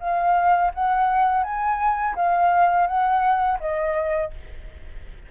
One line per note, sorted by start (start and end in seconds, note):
0.00 0.71 F5
0.74 1.44 F#5
1.44 2.15 G#5
2.16 2.87 F5
2.87 3.58 F#5
3.60 4.31 D#5